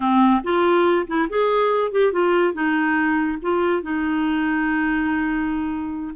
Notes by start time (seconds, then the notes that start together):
0.00 C4
0.43 F4
1.07 E4
1.29 G#4
1.91 G4
2.12 F4
2.53 D#4
3.42 F4
3.82 D#4